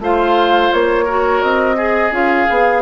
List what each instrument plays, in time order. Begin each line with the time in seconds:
0.00 bassoon A3, clarinet F4, oboe C5, flute F5
0.73 bassoon A#3, flute C#5
1.05 clarinet F#4, oboe A#4
1.43 bassoon C4, flute D#5
1.76 clarinet G#4, oboe G#4
2.11 bassoon C#4, clarinet F4, flute F5
2.50 bassoon B3, clarinet G#4